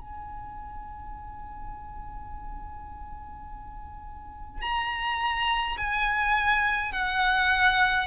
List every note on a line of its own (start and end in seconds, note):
0.00 4.62 G#5
4.62 5.77 A#5
5.77 6.92 G#5
6.92 8.07 F#5